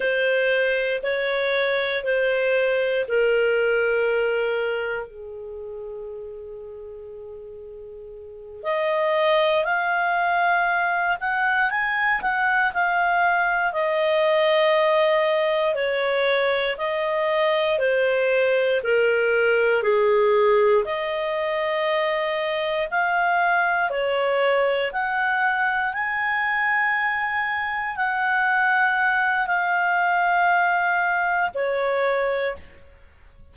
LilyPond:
\new Staff \with { instrumentName = "clarinet" } { \time 4/4 \tempo 4 = 59 c''4 cis''4 c''4 ais'4~ | ais'4 gis'2.~ | gis'8 dis''4 f''4. fis''8 gis''8 | fis''8 f''4 dis''2 cis''8~ |
cis''8 dis''4 c''4 ais'4 gis'8~ | gis'8 dis''2 f''4 cis''8~ | cis''8 fis''4 gis''2 fis''8~ | fis''4 f''2 cis''4 | }